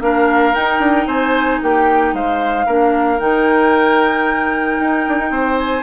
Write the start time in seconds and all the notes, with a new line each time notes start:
0.00 A#3 D4 A#4 F5
0.54 D#4 G5
0.79 D4
1.06 C4 C5 G#5
1.62 A#3 G4 G5
2.13 G#3 C5 F5
2.66 A#3 D4 A#4
3.19 D#3 D#4 G5
4.79 D#4
5.08 D4
5.18 D#4
5.30 C4 C5
5.58 G#5